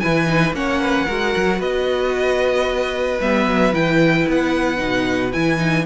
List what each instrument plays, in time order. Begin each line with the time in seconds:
0.00 cello E3, viola E4, violin B4 G#5
0.26 viola D#4
0.53 cello A#3, viola C#4, violin C#5 F#5
0.82 violin B4
1.07 cello G#3, viola F#4, violin A#4
1.37 cello F#3
1.60 cello B3, violin B4 D#5
3.21 cello G3, viola B3, violin E5
3.46 cello F#3
3.73 cello E3, viola E4, violin G5
4.28 cello B3, violin F#5
4.77 cello B2, viola D#4
5.33 cello E3, viola E4, violin G#5
5.58 viola D#4